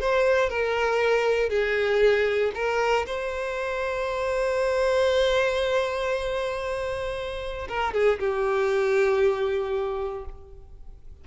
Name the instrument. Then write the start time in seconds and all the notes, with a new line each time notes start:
violin
0.00 C5
0.49 A#4
1.49 G#4
2.55 A#4
3.06 C5
7.68 A#4
7.93 G#4
8.19 G4